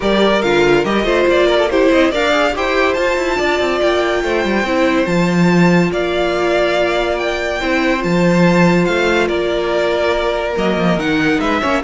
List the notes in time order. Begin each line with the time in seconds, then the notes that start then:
0.00 G3 G4 A#4 D5
0.42 D3 F4 F5
0.84 G3 G4 D#5
1.03 A3 F4 C5
1.27 A#3 D5
1.46 A#4
1.58 A4
1.70 E4 G4 C5
1.91 C4 D#5
2.11 D4 A#4 D5 F5
2.31 G#4
2.55 E4 G4 C5 G5
2.93 F4 A5
3.16 E4
3.37 D4 D5
3.59 C4
3.80 A#3 G5
4.23 A3 C5
4.44 G3
4.63 C4 E4
5.06 F3 F4 A5
5.91 A#3 D5 F5
7.18 G5
7.60 C4 E4 C5
7.98 F3 F4 A5
8.85 A3 F5
9.27 A#3 A#4 D5
10.56 F#3 A#3 D#5
10.77 F3
10.96 D#3 D#4 F#5
11.40 G#3 B4 E5
11.61 A#3 C#4 C#5